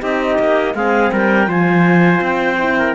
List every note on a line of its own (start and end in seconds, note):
0.00 0.39 C4
0.00 0.73 D#4
0.00 0.75 G4
0.00 0.75 D#5
0.39 0.75 A#3
0.75 1.11 G#3
0.75 1.47 C4
0.75 1.13 G#4
0.75 1.12 F5
1.13 1.48 G3
1.13 1.49 A#4
1.13 1.51 G5
1.47 2.21 F3
1.47 2.57 F4
1.47 2.77 C5
1.47 2.24 G#5
2.21 2.94 C4
2.21 2.95 G5
2.59 2.95 E4
2.79 2.95 A#4